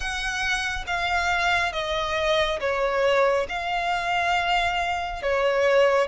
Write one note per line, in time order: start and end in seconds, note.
0.00 0.84 F#5
0.87 1.72 F5
1.72 2.59 D#5
2.59 3.46 C#5
3.48 5.22 F5
5.22 6.07 C#5